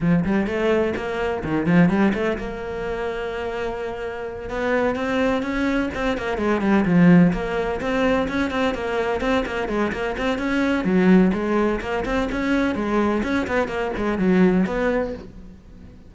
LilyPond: \new Staff \with { instrumentName = "cello" } { \time 4/4 \tempo 4 = 127 f8 g8 a4 ais4 dis8 f8 | g8 a8 ais2.~ | ais4. b4 c'4 cis'8~ | cis'8 c'8 ais8 gis8 g8 f4 ais8~ |
ais8 c'4 cis'8 c'8 ais4 c'8 | ais8 gis8 ais8 c'8 cis'4 fis4 | gis4 ais8 c'8 cis'4 gis4 | cis'8 b8 ais8 gis8 fis4 b4 | }